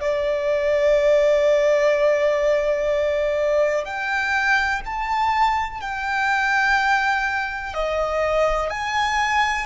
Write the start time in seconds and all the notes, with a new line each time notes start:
0.00 D5
3.84 G5
4.85 A5
5.81 G5
7.74 D#5
8.70 G#5